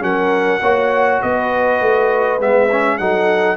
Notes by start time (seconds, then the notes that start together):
0.00 F#3 C#4 A#4 F#5
0.61 A#3 F#4 C#5
1.21 B3 B4 D#5
1.81 A3
2.40 G#3 B3 E5
2.71 C#4
2.98 F#3 D#4 A4 F#5